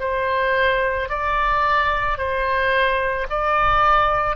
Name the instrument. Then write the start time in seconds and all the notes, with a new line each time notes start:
oboe
0.00 C5
1.09 D5
2.18 C5
3.30 D5